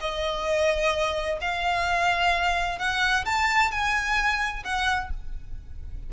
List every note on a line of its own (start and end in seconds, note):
0.00 1.38 D#5
1.41 2.78 F5
2.78 3.25 F#5
3.25 3.71 A5
3.71 4.63 G#5
4.64 5.10 F#5